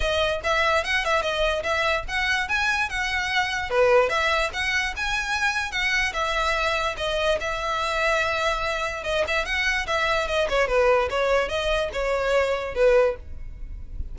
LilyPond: \new Staff \with { instrumentName = "violin" } { \time 4/4 \tempo 4 = 146 dis''4 e''4 fis''8 e''8 dis''4 | e''4 fis''4 gis''4 fis''4~ | fis''4 b'4 e''4 fis''4 | gis''2 fis''4 e''4~ |
e''4 dis''4 e''2~ | e''2 dis''8 e''8 fis''4 | e''4 dis''8 cis''8 b'4 cis''4 | dis''4 cis''2 b'4 | }